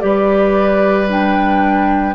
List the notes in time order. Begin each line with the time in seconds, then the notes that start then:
0.00 G3 G4 B4 D5
1.09 D4 G5